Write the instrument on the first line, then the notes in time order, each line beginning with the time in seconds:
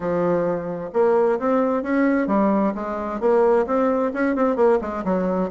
bassoon
0.00 F3
0.93 A#3
1.39 C4
1.83 C#4
2.27 G3
2.74 G#3
3.20 A#3
3.66 C4
4.13 C#4
4.35 C4
4.56 A#3
4.81 G#3
5.04 F#3